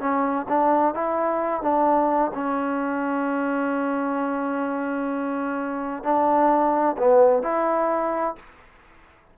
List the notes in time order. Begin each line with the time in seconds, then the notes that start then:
0.00 C#4
0.49 D4
0.94 E4
1.62 D4
2.34 C#4
6.03 D4
6.98 B3
7.42 E4